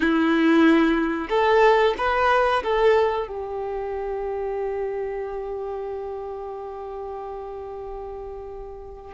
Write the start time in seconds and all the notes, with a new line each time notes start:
0.00 E4
1.29 A4
1.97 B4
2.63 A4
3.27 G4